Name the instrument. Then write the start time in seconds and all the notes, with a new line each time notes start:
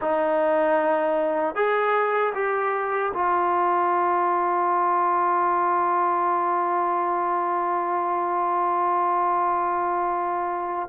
trombone
0.01 D#4
1.55 G#4
2.34 G4
3.13 F4